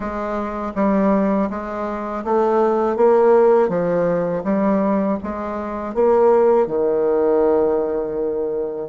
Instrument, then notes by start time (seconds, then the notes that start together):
bassoon
0.00 G#3
0.75 G3
1.50 G#3
2.24 A3
2.96 A#3
3.68 F3
4.43 G3
5.23 G#3
5.94 A#3
6.67 D#3